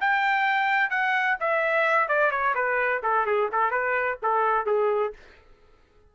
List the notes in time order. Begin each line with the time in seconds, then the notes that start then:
0.00 G5
0.90 F#5
1.40 E5
2.08 D5
2.31 C#5
2.55 B4
3.03 A4
3.26 G#4
3.52 A4
3.71 B4
4.22 A4
4.66 G#4